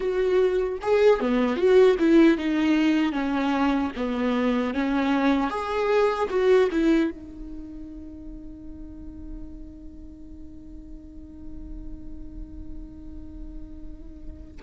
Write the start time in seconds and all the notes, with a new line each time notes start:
0.00 F#4
0.81 G#4
1.20 B3
1.56 F#4
1.99 E4
2.37 D#4
3.12 C#4
3.96 B3
4.74 C#4
5.49 G#4
6.29 F#4
6.71 E4
7.11 D#4